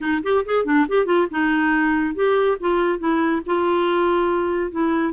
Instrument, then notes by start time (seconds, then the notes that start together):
clarinet
0.00 D#4
0.23 G4
0.45 G#4
0.64 D4
0.88 G4
1.05 F4
1.30 D#4
2.14 G4
2.59 F4
2.98 E4
3.45 F4
4.71 E4